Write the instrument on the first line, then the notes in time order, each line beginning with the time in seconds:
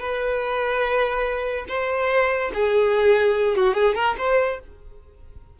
violin
0.00 B4
1.69 C5
2.54 G#4
3.56 F#4
3.74 G#4
3.95 A#4
4.19 C5